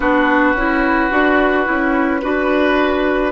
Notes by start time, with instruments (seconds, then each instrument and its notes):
0.00 bassoon B3, clarinet D4, oboe F#4, flute B4
0.54 bassoon C#4, clarinet E4
1.10 bassoon D4, clarinet F#4
1.64 bassoon C#4, clarinet E4
2.22 bassoon D4, clarinet F#4, oboe B4